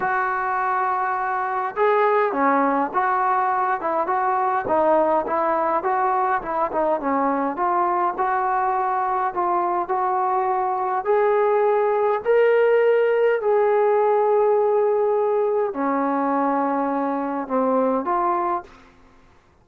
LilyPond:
\new Staff \with { instrumentName = "trombone" } { \time 4/4 \tempo 4 = 103 fis'2. gis'4 | cis'4 fis'4. e'8 fis'4 | dis'4 e'4 fis'4 e'8 dis'8 | cis'4 f'4 fis'2 |
f'4 fis'2 gis'4~ | gis'4 ais'2 gis'4~ | gis'2. cis'4~ | cis'2 c'4 f'4 | }